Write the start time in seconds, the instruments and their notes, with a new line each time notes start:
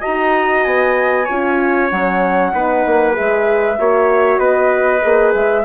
0.00 horn F#4, trumpet D#5, flute A#5
0.07 bassoon D#4
0.64 bassoon B3, flute G#5
1.25 bassoon C#4, horn F4, trumpet C#5
1.90 bassoon F#3, horn C#4, flute F#5
2.53 bassoon B3, horn D#4, trumpet B4
2.86 bassoon A#3
3.12 horn G#4, flute E5
3.19 bassoon G#3
3.79 bassoon A#3, horn F#4, trumpet C#5
4.38 bassoon B3, trumpet B4, flute D#5
5.02 bassoon A#3, horn G#4
5.34 bassoon G#3, flute E5